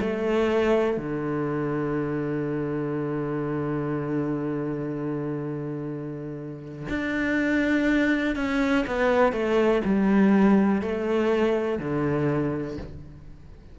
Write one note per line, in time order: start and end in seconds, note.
0.00 0.97 A3
0.97 6.87 D3
6.89 8.36 D4
8.36 8.85 C#4
8.87 9.32 B3
9.32 9.81 A3
9.85 10.81 G3
10.81 11.79 A3
11.79 12.77 D3